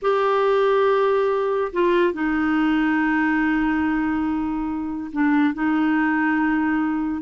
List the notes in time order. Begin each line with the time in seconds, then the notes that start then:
0.02 G4
1.72 F4
2.13 D#4
5.12 D4
5.53 D#4